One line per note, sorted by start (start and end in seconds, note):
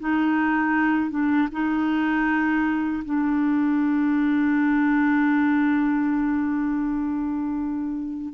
0.00 1.10 D#4
1.10 1.48 D4
1.52 3.03 D#4
3.05 8.33 D4